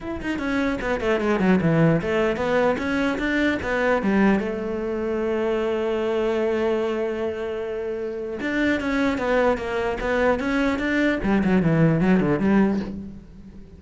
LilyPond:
\new Staff \with { instrumentName = "cello" } { \time 4/4 \tempo 4 = 150 e'8 dis'8 cis'4 b8 a8 gis8 fis8 | e4 a4 b4 cis'4 | d'4 b4 g4 a4~ | a1~ |
a1~ | a4 d'4 cis'4 b4 | ais4 b4 cis'4 d'4 | g8 fis8 e4 fis8 d8 g4 | }